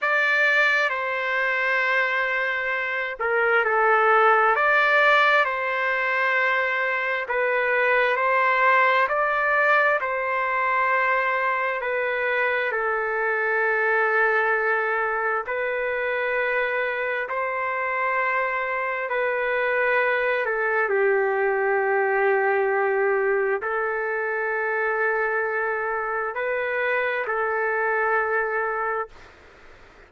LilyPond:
\new Staff \with { instrumentName = "trumpet" } { \time 4/4 \tempo 4 = 66 d''4 c''2~ c''8 ais'8 | a'4 d''4 c''2 | b'4 c''4 d''4 c''4~ | c''4 b'4 a'2~ |
a'4 b'2 c''4~ | c''4 b'4. a'8 g'4~ | g'2 a'2~ | a'4 b'4 a'2 | }